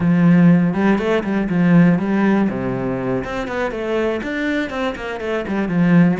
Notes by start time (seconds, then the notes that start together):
0.00 F3
0.73 G3
0.98 A3
1.23 G3
1.49 F3
1.98 G3
2.49 C3
3.24 C4
3.47 B3
3.71 A3
4.22 D4
4.70 C4
4.95 A#3
5.20 A3
5.47 G3
5.68 F3